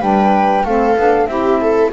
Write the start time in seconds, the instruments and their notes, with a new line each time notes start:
0.00 double bass G3, saxophone D4, viola B4, flute G5
0.64 double bass A3, saxophone C4, viola A4, flute F5
0.97 double bass B3, saxophone D4
1.27 double bass C4, saxophone E4, viola G4, flute E5
1.61 viola A4